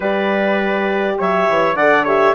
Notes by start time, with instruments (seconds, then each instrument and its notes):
0.00 bassoon G3, horn G4, trumpet B4, clarinet D5
1.18 bassoon F#3, trumpet C#5, clarinet E5
1.49 bassoon E3
1.74 bassoon D3, horn A4, trumpet D5, clarinet F#5
2.04 horn G4, trumpet C#5, clarinet E5